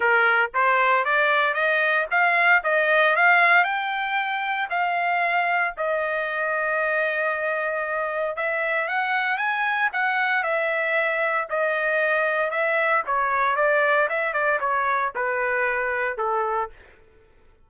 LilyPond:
\new Staff \with { instrumentName = "trumpet" } { \time 4/4 \tempo 4 = 115 ais'4 c''4 d''4 dis''4 | f''4 dis''4 f''4 g''4~ | g''4 f''2 dis''4~ | dis''1 |
e''4 fis''4 gis''4 fis''4 | e''2 dis''2 | e''4 cis''4 d''4 e''8 d''8 | cis''4 b'2 a'4 | }